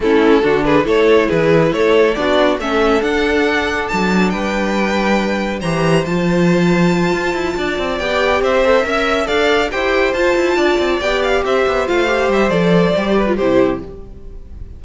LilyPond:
<<
  \new Staff \with { instrumentName = "violin" } { \time 4/4 \tempo 4 = 139 a'4. b'8 cis''4 b'4 | cis''4 d''4 e''4 fis''4~ | fis''4 a''4 g''2~ | g''4 ais''4 a''2~ |
a''2~ a''8 g''4 e''8~ | e''4. f''4 g''4 a''8~ | a''4. g''8 f''8 e''4 f''8~ | f''8 e''8 d''2 c''4 | }
  \new Staff \with { instrumentName = "violin" } { \time 4/4 e'4 fis'8 gis'8 a'4 gis'4 | a'4 fis'4 a'2~ | a'2 b'2~ | b'4 c''2.~ |
c''4. d''2 c''8~ | c''8 e''4 d''4 c''4.~ | c''8 d''2 c''4.~ | c''2~ c''8 b'8 g'4 | }
  \new Staff \with { instrumentName = "viola" } { \time 4/4 cis'4 d'4 e'2~ | e'4 d'4 cis'4 d'4~ | d'1~ | d'4 g'4 f'2~ |
f'2~ f'8 g'4. | a'8 ais'4 a'4 g'4 f'8~ | f'4. g'2 f'8 | g'4 a'4 g'8. f'16 e'4 | }
  \new Staff \with { instrumentName = "cello" } { \time 4/4 a4 d4 a4 e4 | a4 b4 a4 d'4~ | d'4 fis4 g2~ | g4 e4 f2~ |
f8 f'8 e'8 d'8 c'8 b4 c'8~ | c'8 cis'4 d'4 e'4 f'8 | e'8 d'8 c'8 b4 c'8 b8 a8~ | a8 g8 f4 g4 c4 | }
>>